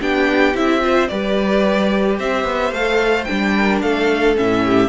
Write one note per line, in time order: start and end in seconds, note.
0.00 0.54 B3
0.00 0.54 D4
0.00 0.82 G4
0.00 0.56 G5
0.54 1.09 C4
0.54 0.80 E4
0.54 1.07 E5
0.80 1.07 F4
0.80 1.10 C5
1.07 2.19 G3
1.07 2.73 G4
1.07 2.18 B4
1.07 2.16 D5
2.18 2.44 C4
2.18 3.55 C5
2.18 2.73 E5
2.44 2.71 B3
2.71 3.25 A3
2.71 3.27 A4
2.71 3.24 F5
3.24 4.35 D4
3.24 3.78 G5
3.30 3.82 G3
3.57 3.83 A#4
3.81 4.37 A3
3.81 4.64 A4
3.81 4.36 F5
4.35 4.88 A2
4.35 4.88 C#4
4.35 4.88 E5
4.64 4.88 G4